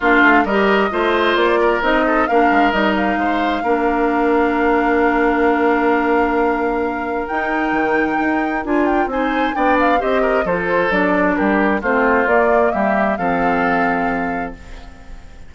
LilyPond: <<
  \new Staff \with { instrumentName = "flute" } { \time 4/4 \tempo 4 = 132 f''4 dis''2 d''4 | dis''4 f''4 dis''8 f''4.~ | f''1~ | f''1 |
g''2. gis''8 g''8 | gis''4 g''8 f''8 dis''4 c''4 | d''4 ais'4 c''4 d''4 | e''4 f''2. | }
  \new Staff \with { instrumentName = "oboe" } { \time 4/4 f'4 ais'4 c''4. ais'8~ | ais'8 a'8 ais'2 c''4 | ais'1~ | ais'1~ |
ais'1 | c''4 d''4 c''8 ais'8 a'4~ | a'4 g'4 f'2 | g'4 a'2. | }
  \new Staff \with { instrumentName = "clarinet" } { \time 4/4 d'4 g'4 f'2 | dis'4 d'4 dis'2 | d'1~ | d'1 |
dis'2. f'4 | dis'4 d'4 g'4 f'4 | d'2 c'4 ais4~ | ais4 c'2. | }
  \new Staff \with { instrumentName = "bassoon" } { \time 4/4 ais8 a8 g4 a4 ais4 | c'4 ais8 gis8 g4 gis4 | ais1~ | ais1 |
dis'4 dis4 dis'4 d'4 | c'4 b4 c'4 f4 | fis4 g4 a4 ais4 | g4 f2. | }
>>